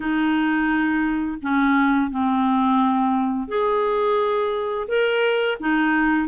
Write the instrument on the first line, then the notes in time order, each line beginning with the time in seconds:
clarinet
0.00 D#4
1.41 C#4
2.10 C4
3.48 G#4
4.88 A#4
5.60 D#4